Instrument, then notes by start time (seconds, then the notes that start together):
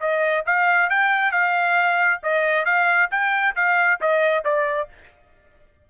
trumpet
0.00 D#5
0.46 F5
0.90 G5
1.32 F5
2.23 D#5
2.65 F5
3.11 G5
3.56 F5
4.01 D#5
4.45 D5